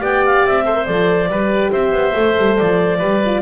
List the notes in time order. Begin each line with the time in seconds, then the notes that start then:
0.00 B3 G4 D5 G5
0.25 F5
0.46 C4 E5
0.65 A4 C5
0.75 A#4
0.86 F3 A4 D5
1.29 G3 G4 B4
1.72 C4 C5 E5
1.92 B3
2.14 A3 A4
2.38 G3
2.58 F3 D5
2.99 G3 G4 B4
3.26 F4